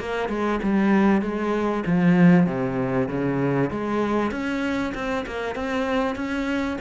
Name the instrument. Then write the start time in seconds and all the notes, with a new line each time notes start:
cello
0.00 A#3
0.29 G#3
0.63 G3
1.22 G#3
1.86 F3
2.47 C3
3.09 C#3
3.71 G#3
4.31 C#4
4.94 C4
5.26 A#3
5.55 C4
6.16 C#4